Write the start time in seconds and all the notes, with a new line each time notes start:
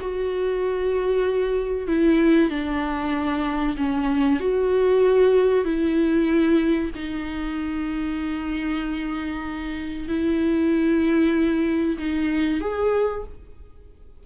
0.00 F#4
1.87 E4
2.49 D4
3.76 C#4
4.39 F#4
5.64 E4
6.94 D#4
10.08 E4
11.98 D#4
12.60 G#4